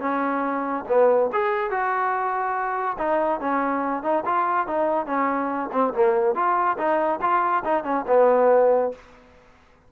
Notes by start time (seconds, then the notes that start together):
0.00 C#4
0.88 B3
1.33 G#4
1.70 F#4
2.98 D#4
3.40 C#4
4.03 D#4
4.25 F4
4.67 D#4
5.06 C#4
5.72 C4
5.94 A#3
6.35 F4
6.78 D#4
7.21 F4
7.64 D#4
7.84 C#4
8.07 B3